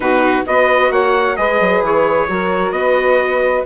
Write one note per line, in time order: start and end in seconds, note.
0.00 0.42 B2
0.00 0.45 D#4
0.00 0.46 F#4
0.00 0.45 B4
0.45 0.90 B3
0.45 1.37 F#4
0.45 0.91 B4
0.45 0.92 D#5
0.90 1.36 A#3
0.90 1.37 C#5
0.90 1.36 F#5
1.36 1.60 G#3
1.36 2.28 G#4
1.36 2.29 B4
1.36 1.82 D#5
1.60 1.82 F#3
1.82 2.27 E3
1.82 2.71 C#5
2.28 2.71 F#3
2.28 3.66 F#4
2.28 2.75 A#4
2.71 3.63 B3
2.71 3.66 B4
2.71 3.63 D#5